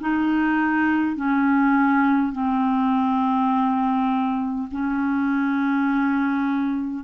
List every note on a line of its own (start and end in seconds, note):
0.00 1.16 D#4
1.16 2.32 C#4
2.32 4.67 C4
4.71 7.04 C#4